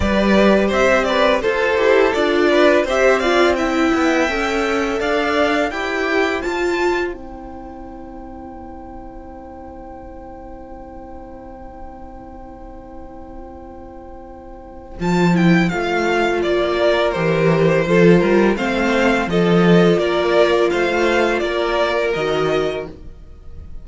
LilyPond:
<<
  \new Staff \with { instrumentName = "violin" } { \time 4/4 \tempo 4 = 84 d''4 e''8 d''8 c''4 d''4 | e''8 f''8 g''2 f''4 | g''4 a''4 g''2~ | g''1~ |
g''1~ | g''4 a''8 g''8 f''4 d''4 | c''2 f''4 dis''4 | d''4 f''4 d''4 dis''4 | }
  \new Staff \with { instrumentName = "violin" } { \time 4/4 b'4 c''8 b'8 a'4. b'8 | c''8 d''8 e''2 d''4 | c''1~ | c''1~ |
c''1~ | c''2.~ c''8 ais'8~ | ais'4 a'8 ais'8 c''4 a'4 | ais'4 c''4 ais'2 | }
  \new Staff \with { instrumentName = "viola" } { \time 4/4 g'2 a'8 g'8 f'4 | g'8 f'8 e'4 a'2 | g'4 f'4 e'2~ | e'1~ |
e'1~ | e'4 f'8 e'8 f'2 | g'4 f'4 c'4 f'4~ | f'2. fis'4 | }
  \new Staff \with { instrumentName = "cello" } { \time 4/4 g4 c'4 f'8 e'8 d'4 | c'4. b8 cis'4 d'4 | e'4 f'4 c'2~ | c'1~ |
c'1~ | c'4 f4 a4 ais4 | e4 f8 g8 a4 f4 | ais4 a4 ais4 dis4 | }
>>